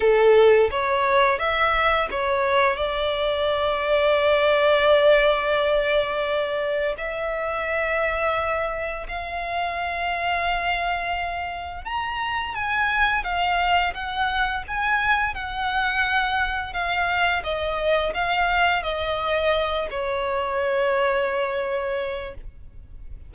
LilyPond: \new Staff \with { instrumentName = "violin" } { \time 4/4 \tempo 4 = 86 a'4 cis''4 e''4 cis''4 | d''1~ | d''2 e''2~ | e''4 f''2.~ |
f''4 ais''4 gis''4 f''4 | fis''4 gis''4 fis''2 | f''4 dis''4 f''4 dis''4~ | dis''8 cis''2.~ cis''8 | }